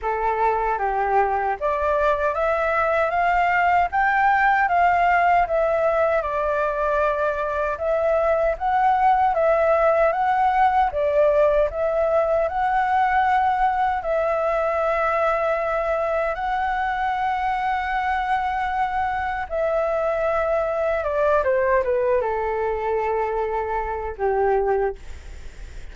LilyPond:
\new Staff \with { instrumentName = "flute" } { \time 4/4 \tempo 4 = 77 a'4 g'4 d''4 e''4 | f''4 g''4 f''4 e''4 | d''2 e''4 fis''4 | e''4 fis''4 d''4 e''4 |
fis''2 e''2~ | e''4 fis''2.~ | fis''4 e''2 d''8 c''8 | b'8 a'2~ a'8 g'4 | }